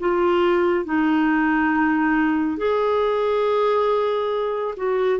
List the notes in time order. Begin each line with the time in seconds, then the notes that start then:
0.00 F4
0.85 D#4
2.58 G#4
4.77 F#4